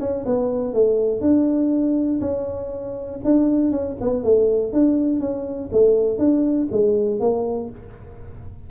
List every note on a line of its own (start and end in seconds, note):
0.00 0.25 C#4
0.26 0.73 B3
0.73 1.21 A3
1.21 2.20 D4
2.21 3.20 C#4
3.24 3.71 D4
3.71 3.96 C#4
4.01 4.24 B3
4.24 4.73 A3
4.73 5.20 D4
5.20 5.70 C#4
5.72 6.18 A3
6.18 6.68 D4
6.71 7.20 G#3
7.20 7.69 A#3